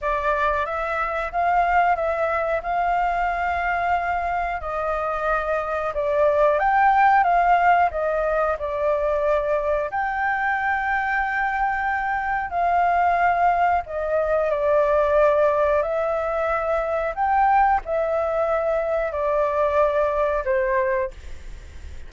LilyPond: \new Staff \with { instrumentName = "flute" } { \time 4/4 \tempo 4 = 91 d''4 e''4 f''4 e''4 | f''2. dis''4~ | dis''4 d''4 g''4 f''4 | dis''4 d''2 g''4~ |
g''2. f''4~ | f''4 dis''4 d''2 | e''2 g''4 e''4~ | e''4 d''2 c''4 | }